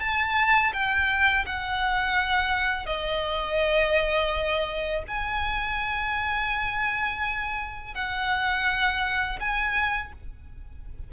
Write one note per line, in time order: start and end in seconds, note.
0.00 0.72 A5
0.73 1.46 G5
1.46 2.86 F#5
2.86 5.03 D#5
5.08 7.95 G#5
7.95 9.39 F#5
9.40 10.12 G#5